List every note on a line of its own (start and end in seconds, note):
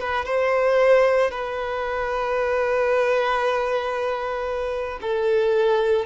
0.00 0.25 B4
0.25 1.31 C5
1.31 5.00 B4
5.02 6.06 A4